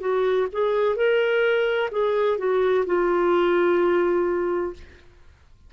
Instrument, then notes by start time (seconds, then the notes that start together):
clarinet
0.00 F#4
0.52 G#4
0.95 A#4
1.91 G#4
2.38 F#4
2.86 F4